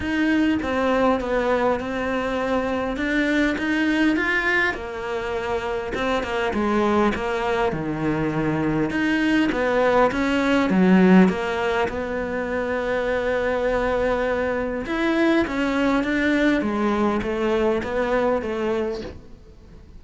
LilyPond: \new Staff \with { instrumentName = "cello" } { \time 4/4 \tempo 4 = 101 dis'4 c'4 b4 c'4~ | c'4 d'4 dis'4 f'4 | ais2 c'8 ais8 gis4 | ais4 dis2 dis'4 |
b4 cis'4 fis4 ais4 | b1~ | b4 e'4 cis'4 d'4 | gis4 a4 b4 a4 | }